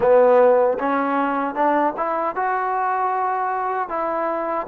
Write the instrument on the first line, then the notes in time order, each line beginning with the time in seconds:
trombone
0.00 B3
0.78 C#4
1.54 D4
1.97 E4
2.35 F#4
3.89 E4